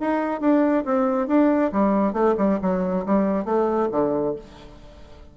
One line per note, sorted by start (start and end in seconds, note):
0.00 0.40 D#4
0.40 0.84 D4
0.85 1.27 C4
1.27 1.71 D4
1.72 2.13 G3
2.13 2.35 A3
2.37 2.59 G3
2.62 3.05 F#3
3.06 3.45 G3
3.45 3.89 A3
3.91 4.35 D3